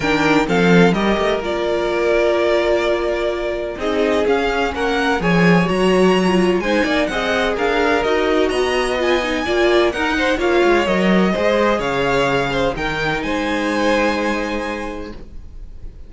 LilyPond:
<<
  \new Staff \with { instrumentName = "violin" } { \time 4/4 \tempo 4 = 127 g''4 f''4 dis''4 d''4~ | d''1 | dis''4 f''4 fis''4 gis''4 | ais''2 gis''4 fis''4 |
f''4 dis''4 ais''4 gis''4~ | gis''4 fis''4 f''4 dis''4~ | dis''4 f''2 g''4 | gis''1 | }
  \new Staff \with { instrumentName = "violin" } { \time 4/4 ais'4 a'4 ais'2~ | ais'1 | gis'2 ais'4 cis''4~ | cis''2 c''8 d''8 dis''4 |
ais'2 dis''2 | d''4 ais'8 c''8 cis''2 | c''4 cis''4. c''8 ais'4 | c''1 | }
  \new Staff \with { instrumentName = "viola" } { \time 4/4 d'4 c'4 g'4 f'4~ | f'1 | dis'4 cis'2 gis'4 | fis'4~ fis'16 f'8. dis'4 gis'4~ |
gis'4 fis'2 f'8 dis'8 | f'4 dis'4 f'4 ais'4 | gis'2. dis'4~ | dis'1 | }
  \new Staff \with { instrumentName = "cello" } { \time 4/4 dis4 f4 g8 a8 ais4~ | ais1 | c'4 cis'4 ais4 f4 | fis2 gis8 ais8 c'4 |
d'4 dis'4 b2 | ais4 dis'4 ais8 gis8 fis4 | gis4 cis2 dis4 | gis1 | }
>>